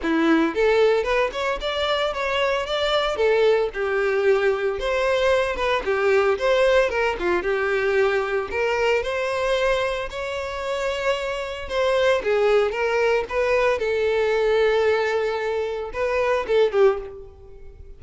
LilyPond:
\new Staff \with { instrumentName = "violin" } { \time 4/4 \tempo 4 = 113 e'4 a'4 b'8 cis''8 d''4 | cis''4 d''4 a'4 g'4~ | g'4 c''4. b'8 g'4 | c''4 ais'8 f'8 g'2 |
ais'4 c''2 cis''4~ | cis''2 c''4 gis'4 | ais'4 b'4 a'2~ | a'2 b'4 a'8 g'8 | }